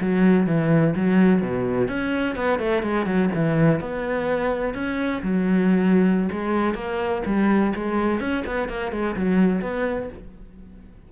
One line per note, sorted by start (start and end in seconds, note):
0.00 0.46 F#3
0.46 0.94 E3
0.95 1.41 F#3
1.41 1.88 B2
1.88 2.35 C#4
2.35 2.59 B3
2.59 2.82 A3
2.82 3.05 G#3
3.05 3.29 F#3
3.34 3.80 E3
3.80 4.74 B3
4.74 5.21 C#4
5.22 6.29 F#3
6.31 6.74 G#3
6.74 7.22 A#3
7.25 7.73 G3
7.75 8.20 G#3
8.20 8.44 C#4
8.46 8.68 B3
8.68 8.91 A#3
8.91 9.15 G#3
9.16 9.61 F#3
9.61 10.09 B3